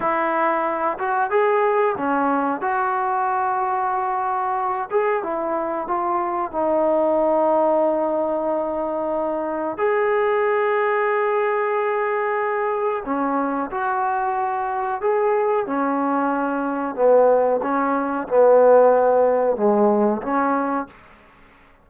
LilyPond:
\new Staff \with { instrumentName = "trombone" } { \time 4/4 \tempo 4 = 92 e'4. fis'8 gis'4 cis'4 | fis'2.~ fis'8 gis'8 | e'4 f'4 dis'2~ | dis'2. gis'4~ |
gis'1 | cis'4 fis'2 gis'4 | cis'2 b4 cis'4 | b2 gis4 cis'4 | }